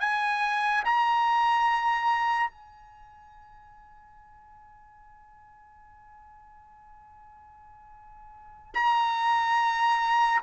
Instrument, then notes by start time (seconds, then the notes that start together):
trumpet
0.00 G#5
0.84 A#5
2.51 G#5
8.74 A#5